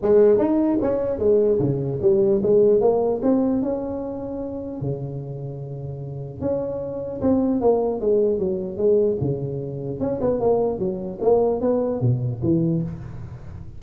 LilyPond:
\new Staff \with { instrumentName = "tuba" } { \time 4/4 \tempo 4 = 150 gis4 dis'4 cis'4 gis4 | cis4 g4 gis4 ais4 | c'4 cis'2. | cis1 |
cis'2 c'4 ais4 | gis4 fis4 gis4 cis4~ | cis4 cis'8 b8 ais4 fis4 | ais4 b4 b,4 e4 | }